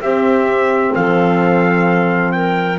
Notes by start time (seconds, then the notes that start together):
0.00 C4 G4 E5
0.95 F3 A4 F5
2.32 A#4 G5